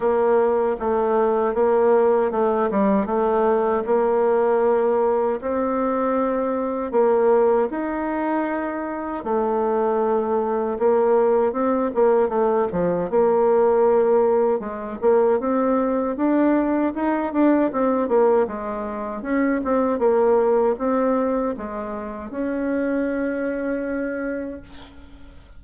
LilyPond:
\new Staff \with { instrumentName = "bassoon" } { \time 4/4 \tempo 4 = 78 ais4 a4 ais4 a8 g8 | a4 ais2 c'4~ | c'4 ais4 dis'2 | a2 ais4 c'8 ais8 |
a8 f8 ais2 gis8 ais8 | c'4 d'4 dis'8 d'8 c'8 ais8 | gis4 cis'8 c'8 ais4 c'4 | gis4 cis'2. | }